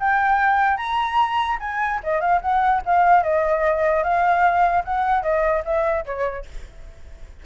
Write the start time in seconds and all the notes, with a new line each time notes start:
0.00 G5
0.77 A#5
1.60 G#5
2.04 D#5
2.21 F5
2.42 F#5
2.86 F5
3.23 D#5
4.04 F5
4.85 F#5
5.23 D#5
5.65 E5
6.05 C#5